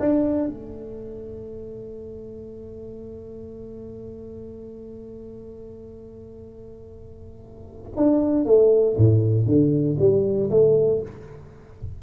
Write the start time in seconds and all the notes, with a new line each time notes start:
0.00 D4
0.48 A3
7.97 D4
8.45 A3
8.98 A2
9.47 D3
9.99 G3
10.51 A3